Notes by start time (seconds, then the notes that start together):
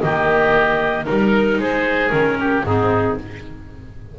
0.00 D#3 A#3 G4 D#5
1.05 G3 D#4 A#4
1.58 G#3 G#4 C5
2.09 D#3 C#4 A#4
2.39 G4
2.64 G#2 C4 D#4 G#4